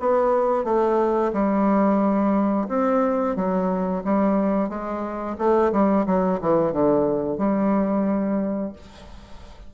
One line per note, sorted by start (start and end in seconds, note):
0.00 0.64 B3
0.64 1.32 A3
1.33 2.68 G3
2.68 3.36 C4
3.36 4.03 F#3
4.04 4.69 G3
4.69 5.37 G#3
5.38 5.72 A3
5.72 6.06 G3
6.06 6.40 F#3
6.41 6.72 E3
6.72 7.38 D3
7.38 8.73 G3